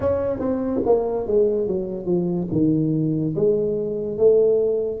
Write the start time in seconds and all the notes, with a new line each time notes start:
0.00 C#4
0.39 C4
0.85 A#3
1.26 G#3
1.67 F#3
2.05 F3
2.52 D#3
3.35 G#3
4.17 A3